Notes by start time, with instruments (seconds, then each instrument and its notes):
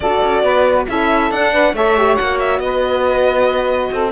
0.00 cello D4, horn F#4, saxophone A4, violin D5
0.23 cello C#4
0.42 cello B3, saxophone B4
0.88 cello C#4, horn E4, saxophone A4, violin E5
1.30 cello D4, horn D4, violin F#5
1.52 saxophone B4
1.73 cello A3, horn A4, saxophone C#5, violin E5
1.97 horn G4
2.16 cello A#3, horn F#4, violin F#5
2.39 violin E5
2.59 cello B3, saxophone B4, violin D#5
3.91 cello C4, saxophone A4